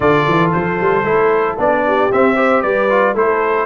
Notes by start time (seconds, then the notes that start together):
0.00 D3 F4 A4 D5
0.27 E3
0.52 F3 C5
0.80 G3
1.02 A3 E4
1.57 B3 D4 D5
1.86 G4
2.11 C4 E5
2.35 G4 C5
2.62 G3 B4 D5
2.89 F4
3.14 A3 E4 A4 C5